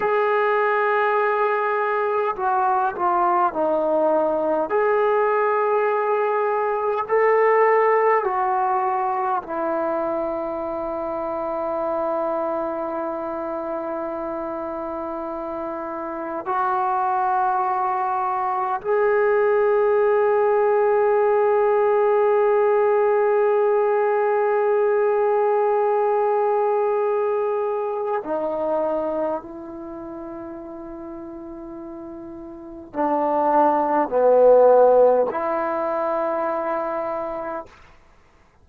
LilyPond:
\new Staff \with { instrumentName = "trombone" } { \time 4/4 \tempo 4 = 51 gis'2 fis'8 f'8 dis'4 | gis'2 a'4 fis'4 | e'1~ | e'2 fis'2 |
gis'1~ | gis'1 | dis'4 e'2. | d'4 b4 e'2 | }